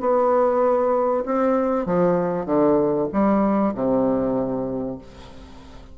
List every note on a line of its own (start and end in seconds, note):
0.00 1.24 B3
1.25 1.86 C4
1.86 2.46 F3
2.46 3.08 D3
3.12 3.74 G3
3.74 4.98 C3